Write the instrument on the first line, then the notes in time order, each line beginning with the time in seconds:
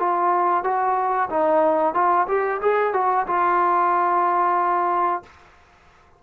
trombone
0.00 F4
0.64 F#4
1.30 D#4
1.95 F4
2.28 G4
2.62 G#4
2.94 F#4
3.27 F4